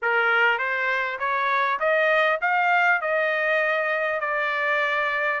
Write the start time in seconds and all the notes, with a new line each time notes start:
0.02 A#4
0.58 C5
1.19 C#5
1.79 D#5
2.41 F5
3.01 D#5
4.20 D5